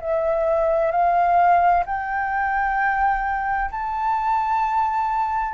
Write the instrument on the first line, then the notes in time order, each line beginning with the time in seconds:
flute
0.00 E5
0.91 F5
1.86 G5
3.71 A5